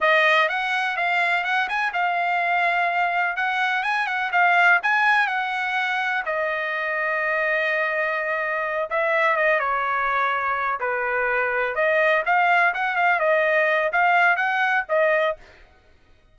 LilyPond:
\new Staff \with { instrumentName = "trumpet" } { \time 4/4 \tempo 4 = 125 dis''4 fis''4 f''4 fis''8 gis''8 | f''2. fis''4 | gis''8 fis''8 f''4 gis''4 fis''4~ | fis''4 dis''2.~ |
dis''2~ dis''8 e''4 dis''8 | cis''2~ cis''8 b'4.~ | b'8 dis''4 f''4 fis''8 f''8 dis''8~ | dis''4 f''4 fis''4 dis''4 | }